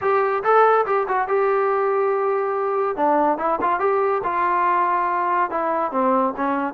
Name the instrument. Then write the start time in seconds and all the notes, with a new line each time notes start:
trombone
0.01 G4
0.43 A4
0.86 G4
1.08 F#4
1.28 G4
2.96 D4
3.38 E4
3.61 F4
3.79 G4
4.23 F4
5.50 E4
5.91 C4
6.36 C#4